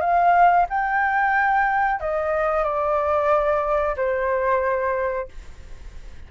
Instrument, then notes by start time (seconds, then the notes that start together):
flute
0.00 F5
0.69 G5
2.00 D#5
2.63 D5
3.96 C5